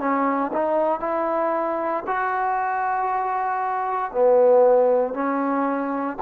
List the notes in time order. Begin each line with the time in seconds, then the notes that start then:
0.00 C#4
0.53 D#4
1.01 E4
2.07 F#4
4.12 B3
5.14 C#4